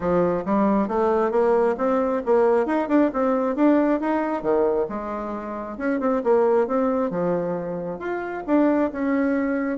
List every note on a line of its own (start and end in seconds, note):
0.00 0.43 F3
0.45 0.88 G3
0.88 1.31 A3
1.31 1.75 A#3
1.77 2.21 C4
2.25 2.66 A#3
2.66 2.88 D#4
2.88 3.10 D4
3.13 3.55 C4
3.55 4.00 D4
4.00 4.42 D#4
4.42 4.86 D#3
4.88 5.77 G#3
5.77 5.99 C#4
6.00 6.22 C4
6.23 6.67 A#3
6.67 7.10 C4
7.10 7.99 F3
7.99 8.43 F4
8.46 8.91 D4
8.92 9.78 C#4